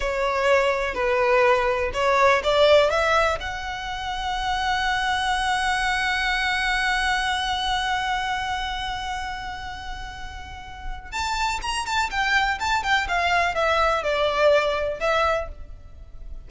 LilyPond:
\new Staff \with { instrumentName = "violin" } { \time 4/4 \tempo 4 = 124 cis''2 b'2 | cis''4 d''4 e''4 fis''4~ | fis''1~ | fis''1~ |
fis''1~ | fis''2. a''4 | ais''8 a''8 g''4 a''8 g''8 f''4 | e''4 d''2 e''4 | }